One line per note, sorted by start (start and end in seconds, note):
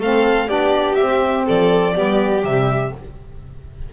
0.00 0.49 A3
0.00 0.48 C4
0.00 0.49 A4
0.00 0.49 F5
0.48 0.98 B3
0.48 0.97 D4
0.48 1.46 G4
0.48 0.96 D5
0.96 1.49 C4
0.96 1.95 C4
0.96 1.45 E5
1.46 1.97 F3
1.46 1.95 A4
1.46 2.45 D5
1.95 2.44 G3
1.95 2.44 B3
1.95 2.93 G4
2.44 2.93 C3
2.44 2.93 G3
2.44 2.94 E5